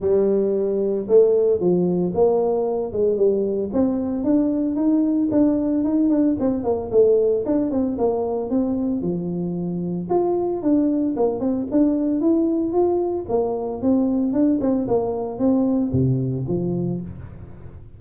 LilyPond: \new Staff \with { instrumentName = "tuba" } { \time 4/4 \tempo 4 = 113 g2 a4 f4 | ais4. gis8 g4 c'4 | d'4 dis'4 d'4 dis'8 d'8 | c'8 ais8 a4 d'8 c'8 ais4 |
c'4 f2 f'4 | d'4 ais8 c'8 d'4 e'4 | f'4 ais4 c'4 d'8 c'8 | ais4 c'4 c4 f4 | }